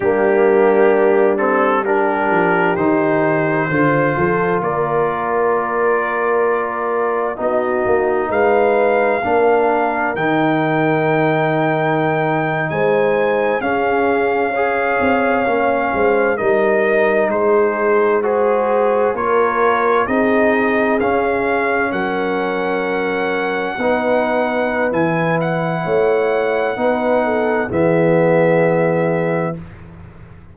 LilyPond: <<
  \new Staff \with { instrumentName = "trumpet" } { \time 4/4 \tempo 4 = 65 g'4. a'8 ais'4 c''4~ | c''4 d''2. | dis''4 f''2 g''4~ | g''4.~ g''16 gis''4 f''4~ f''16~ |
f''4.~ f''16 dis''4 c''4 gis'16~ | gis'8. cis''4 dis''4 f''4 fis''16~ | fis''2. gis''8 fis''8~ | fis''2 e''2 | }
  \new Staff \with { instrumentName = "horn" } { \time 4/4 d'2 g'2 | c''8 a'8 ais'2. | fis'4 b'4 ais'2~ | ais'4.~ ais'16 c''4 gis'4 cis''16~ |
cis''4~ cis''16 c''8 ais'4 gis'4 c''16~ | c''8. ais'4 gis'2 ais'16~ | ais'4.~ ais'16 b'2~ b'16 | cis''4 b'8 a'8 gis'2 | }
  \new Staff \with { instrumentName = "trombone" } { \time 4/4 ais4. c'8 d'4 dis'4 | f'1 | dis'2 d'4 dis'4~ | dis'2~ dis'8. cis'4 gis'16~ |
gis'8. cis'4 dis'2 fis'16~ | fis'8. f'4 dis'4 cis'4~ cis'16~ | cis'4.~ cis'16 dis'4~ dis'16 e'4~ | e'4 dis'4 b2 | }
  \new Staff \with { instrumentName = "tuba" } { \time 4/4 g2~ g8 f8 dis4 | d8 f8 ais2. | b8 ais8 gis4 ais4 dis4~ | dis4.~ dis16 gis4 cis'4~ cis'16~ |
cis'16 c'8 ais8 gis8 g4 gis4~ gis16~ | gis8. ais4 c'4 cis'4 fis16~ | fis4.~ fis16 b4~ b16 e4 | a4 b4 e2 | }
>>